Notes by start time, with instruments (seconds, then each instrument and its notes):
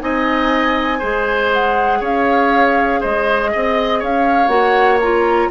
0.00 bassoon C4, clarinet D#4, oboe D#5, flute G#5
0.99 bassoon G#3, clarinet G#4, oboe C5
1.52 flute F#5
2.00 bassoon C#4, oboe C#5, flute F5
3.00 bassoon G#3, oboe C5, flute D#5
3.52 bassoon C4, oboe D#5
3.99 bassoon C#4, oboe C#5, flute F5
4.48 bassoon A#3, clarinet F#4, flute F#5
5.00 clarinet F4, flute A#5